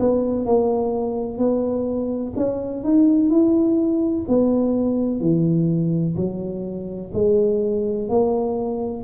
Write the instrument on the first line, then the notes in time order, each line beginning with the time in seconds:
tuba
0.00 B3
0.46 A#3
1.39 B3
2.37 C#4
2.84 D#4
3.30 E4
4.28 B3
5.21 E3
6.16 F#3
7.14 G#3
8.10 A#3